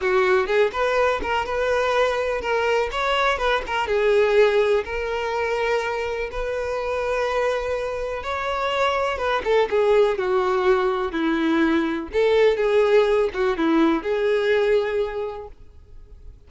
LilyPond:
\new Staff \with { instrumentName = "violin" } { \time 4/4 \tempo 4 = 124 fis'4 gis'8 b'4 ais'8 b'4~ | b'4 ais'4 cis''4 b'8 ais'8 | gis'2 ais'2~ | ais'4 b'2.~ |
b'4 cis''2 b'8 a'8 | gis'4 fis'2 e'4~ | e'4 a'4 gis'4. fis'8 | e'4 gis'2. | }